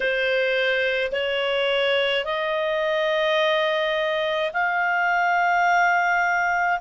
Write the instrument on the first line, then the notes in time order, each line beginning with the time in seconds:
clarinet
0.00 C5
1.12 C#5
2.24 D#5
4.53 F5